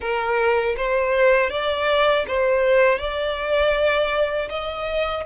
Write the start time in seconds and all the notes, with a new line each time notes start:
0.00 A#4
0.76 C5
1.50 D5
2.27 C5
2.99 D5
4.49 D#5